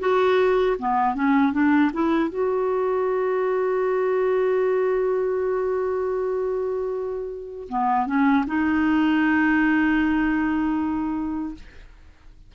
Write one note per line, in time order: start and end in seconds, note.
0.00 0.77 F#4
0.79 1.15 B3
1.15 1.53 C#4
1.53 1.92 D4
1.93 2.30 E4
2.30 7.68 F#4
7.69 8.07 B3
8.07 8.45 C#4
8.47 11.55 D#4